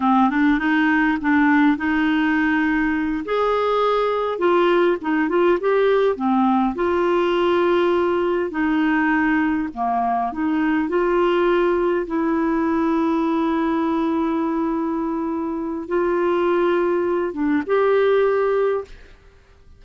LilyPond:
\new Staff \with { instrumentName = "clarinet" } { \time 4/4 \tempo 4 = 102 c'8 d'8 dis'4 d'4 dis'4~ | dis'4. gis'2 f'8~ | f'8 dis'8 f'8 g'4 c'4 f'8~ | f'2~ f'8 dis'4.~ |
dis'8 ais4 dis'4 f'4.~ | f'8 e'2.~ e'8~ | e'2. f'4~ | f'4. d'8 g'2 | }